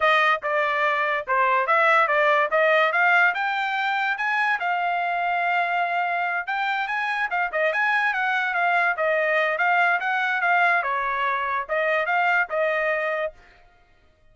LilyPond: \new Staff \with { instrumentName = "trumpet" } { \time 4/4 \tempo 4 = 144 dis''4 d''2 c''4 | e''4 d''4 dis''4 f''4 | g''2 gis''4 f''4~ | f''2.~ f''8 g''8~ |
g''8 gis''4 f''8 dis''8 gis''4 fis''8~ | fis''8 f''4 dis''4. f''4 | fis''4 f''4 cis''2 | dis''4 f''4 dis''2 | }